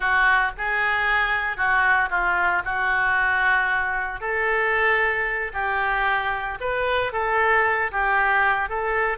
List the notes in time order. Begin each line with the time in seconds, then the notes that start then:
0.00 F#4
0.57 G#4
1.56 F#4
2.09 F4
2.65 F#4
4.20 A4
5.53 G4
6.60 B4
7.12 A4
7.91 G4
8.69 A4